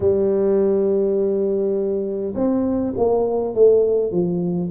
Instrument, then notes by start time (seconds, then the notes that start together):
tuba
0.00 G3
2.34 C4
2.97 A#3
3.54 A3
4.11 F3